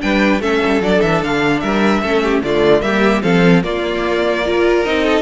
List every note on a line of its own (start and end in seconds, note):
0.00 0.39 G3
0.00 0.40 D4
0.00 0.41 B4
0.00 0.41 G5
0.39 0.59 A3
0.39 0.81 C#4
0.39 1.61 A4
0.39 0.82 E5
0.65 0.80 G3
0.80 1.00 F#3
0.80 2.03 D4
0.80 1.01 D5
1.01 1.22 E3
1.01 1.21 E5
1.22 1.62 D3
1.22 1.59 F5
1.59 2.01 G3
1.59 2.01 A#4
1.59 2.40 E5
2.01 2.42 A3
2.01 2.44 C#4
2.01 2.22 A4
2.22 2.43 G4
2.43 2.81 D3
2.43 2.81 A3
2.43 2.83 F4
2.43 2.81 D5
2.81 3.22 G3
2.81 3.21 A#3
2.81 3.23 G4
2.81 3.21 E5
3.22 3.64 F3
3.22 3.62 C4
3.22 3.63 A4
3.22 3.62 F5
3.62 4.43 A#3
3.62 4.85 A#3
3.62 4.44 F4
3.62 4.84 D5
4.46 4.84 F4
4.46 5.04 A#4
4.84 5.21 C4
4.84 5.21 D#4
4.84 5.21 D#5
5.04 5.21 A4